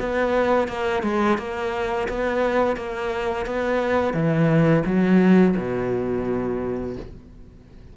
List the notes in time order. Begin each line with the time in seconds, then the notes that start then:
0.00 B3
0.68 A#3
1.03 G#3
1.39 A#3
2.09 B3
2.77 A#3
3.46 B3
4.14 E3
4.86 F#3
5.57 B2